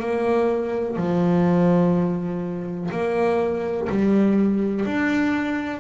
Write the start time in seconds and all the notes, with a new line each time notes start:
0.00 A#3
0.97 F3
2.92 A#3
3.89 G3
4.86 D4